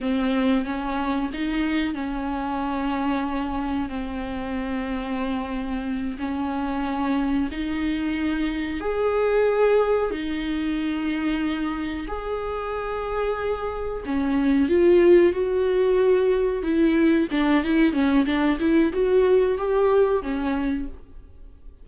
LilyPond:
\new Staff \with { instrumentName = "viola" } { \time 4/4 \tempo 4 = 92 c'4 cis'4 dis'4 cis'4~ | cis'2 c'2~ | c'4. cis'2 dis'8~ | dis'4. gis'2 dis'8~ |
dis'2~ dis'8 gis'4.~ | gis'4. cis'4 f'4 fis'8~ | fis'4. e'4 d'8 e'8 cis'8 | d'8 e'8 fis'4 g'4 cis'4 | }